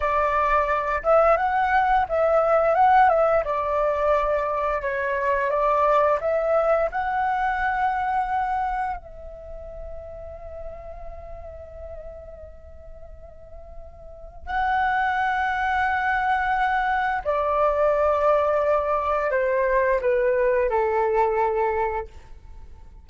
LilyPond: \new Staff \with { instrumentName = "flute" } { \time 4/4 \tempo 4 = 87 d''4. e''8 fis''4 e''4 | fis''8 e''8 d''2 cis''4 | d''4 e''4 fis''2~ | fis''4 e''2.~ |
e''1~ | e''4 fis''2.~ | fis''4 d''2. | c''4 b'4 a'2 | }